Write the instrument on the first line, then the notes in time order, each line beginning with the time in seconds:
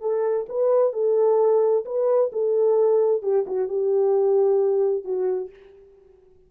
horn
0.00 A4
0.49 B4
0.92 A4
1.85 B4
2.32 A4
3.22 G4
3.47 F#4
3.68 G4
5.04 F#4